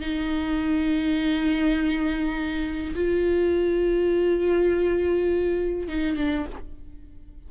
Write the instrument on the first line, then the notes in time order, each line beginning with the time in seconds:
viola
0.00 D#4
2.95 F4
5.88 D#4
6.16 D4